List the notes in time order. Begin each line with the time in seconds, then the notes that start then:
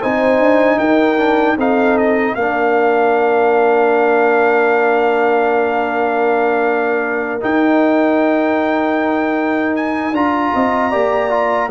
0.00 C4 D#4 C5 G#5
0.39 D4
0.78 D#4 A#4 G5
1.17 D4
1.56 C4 D#4 A4 F5
1.97 D#5
2.34 A#3 D4 A#4 F5
7.40 D#4 G5
9.76 G#5
10.12 D4 F4 A#5
10.53 C4 D#5
10.90 A#3 G4 D5
11.30 F4